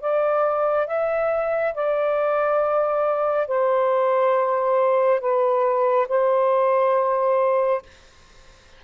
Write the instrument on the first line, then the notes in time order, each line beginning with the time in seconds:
saxophone
0.00 D5
0.87 E5
1.74 D5
3.47 C5
5.20 B4
6.08 C5